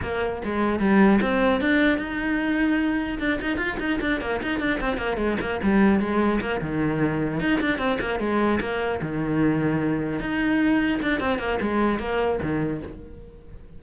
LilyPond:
\new Staff \with { instrumentName = "cello" } { \time 4/4 \tempo 4 = 150 ais4 gis4 g4 c'4 | d'4 dis'2. | d'8 dis'8 f'8 dis'8 d'8 ais8 dis'8 d'8 | c'8 ais8 gis8 ais8 g4 gis4 |
ais8 dis2 dis'8 d'8 c'8 | ais8 gis4 ais4 dis4.~ | dis4. dis'2 d'8 | c'8 ais8 gis4 ais4 dis4 | }